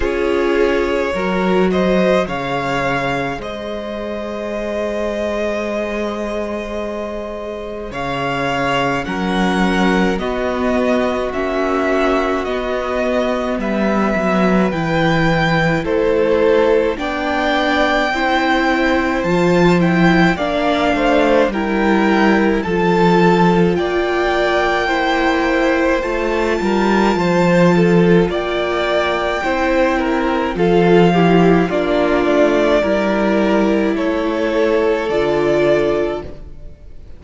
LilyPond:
<<
  \new Staff \with { instrumentName = "violin" } { \time 4/4 \tempo 4 = 53 cis''4. dis''8 f''4 dis''4~ | dis''2. f''4 | fis''4 dis''4 e''4 dis''4 | e''4 g''4 c''4 g''4~ |
g''4 a''8 g''8 f''4 g''4 | a''4 g''2 a''4~ | a''4 g''2 f''4 | d''2 cis''4 d''4 | }
  \new Staff \with { instrumentName = "violin" } { \time 4/4 gis'4 ais'8 c''8 cis''4 c''4~ | c''2. cis''4 | ais'4 fis'2. | b'2 a'4 d''4 |
c''2 d''8 c''8 ais'4 | a'4 d''4 c''4. ais'8 | c''8 a'8 d''4 c''8 ais'8 a'8 g'8 | f'4 ais'4 a'2 | }
  \new Staff \with { instrumentName = "viola" } { \time 4/4 f'4 fis'4 gis'2~ | gis'1 | cis'4 b4 cis'4 b4~ | b4 e'2 d'4 |
e'4 f'8 e'8 d'4 e'4 | f'2 e'4 f'4~ | f'2 e'4 f'8 e'8 | d'4 e'2 f'4 | }
  \new Staff \with { instrumentName = "cello" } { \time 4/4 cis'4 fis4 cis4 gis4~ | gis2. cis4 | fis4 b4 ais4 b4 | g8 fis8 e4 a4 b4 |
c'4 f4 ais8 a8 g4 | f4 ais2 a8 g8 | f4 ais4 c'4 f4 | ais8 a8 g4 a4 d4 | }
>>